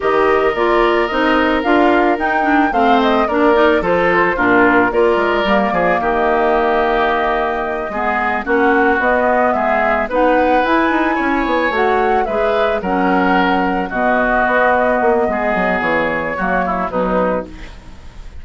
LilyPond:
<<
  \new Staff \with { instrumentName = "flute" } { \time 4/4 \tempo 4 = 110 dis''4 d''4 dis''4 f''4 | g''4 f''8 dis''8 d''4 c''4 | ais'4 d''2 dis''4~ | dis''2.~ dis''8 fis''8~ |
fis''8 dis''4 e''4 fis''4 gis''8~ | gis''4. fis''4 e''4 fis''8~ | fis''4. dis''2~ dis''8~ | dis''4 cis''2 b'4 | }
  \new Staff \with { instrumentName = "oboe" } { \time 4/4 ais'1~ | ais'4 c''4 ais'4 a'4 | f'4 ais'4. gis'8 g'4~ | g'2~ g'8 gis'4 fis'8~ |
fis'4. gis'4 b'4.~ | b'8 cis''2 b'4 ais'8~ | ais'4. fis'2~ fis'8 | gis'2 fis'8 e'8 dis'4 | }
  \new Staff \with { instrumentName = "clarinet" } { \time 4/4 g'4 f'4 dis'4 f'4 | dis'8 d'8 c'4 d'8 dis'8 f'4 | d'4 f'4 ais2~ | ais2~ ais8 b4 cis'8~ |
cis'8 b2 dis'4 e'8~ | e'4. fis'4 gis'4 cis'8~ | cis'4. b2~ b8~ | b2 ais4 fis4 | }
  \new Staff \with { instrumentName = "bassoon" } { \time 4/4 dis4 ais4 c'4 d'4 | dis'4 a4 ais4 f4 | ais,4 ais8 gis8 g8 f8 dis4~ | dis2~ dis8 gis4 ais8~ |
ais8 b4 gis4 b4 e'8 | dis'8 cis'8 b8 a4 gis4 fis8~ | fis4. b,4 b4 ais8 | gis8 fis8 e4 fis4 b,4 | }
>>